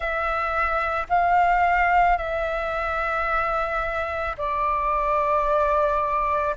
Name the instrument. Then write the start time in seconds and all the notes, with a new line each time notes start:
flute
0.00 E5
1.09 F5
2.17 E5
4.37 D5